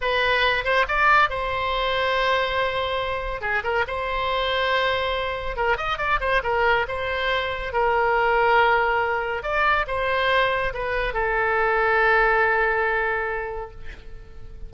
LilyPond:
\new Staff \with { instrumentName = "oboe" } { \time 4/4 \tempo 4 = 140 b'4. c''8 d''4 c''4~ | c''1 | gis'8 ais'8 c''2.~ | c''4 ais'8 dis''8 d''8 c''8 ais'4 |
c''2 ais'2~ | ais'2 d''4 c''4~ | c''4 b'4 a'2~ | a'1 | }